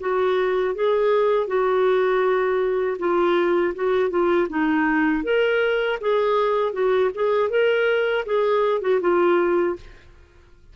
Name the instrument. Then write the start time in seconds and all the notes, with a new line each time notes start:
clarinet
0.00 F#4
0.75 G#4
1.48 F#4
2.99 F4
3.75 F#4
4.10 F4
4.50 D#4
5.24 A#4
6.01 G#4
6.73 F#4
7.15 G#4
7.50 A#4
8.26 G#4
8.82 F#4
9.01 F4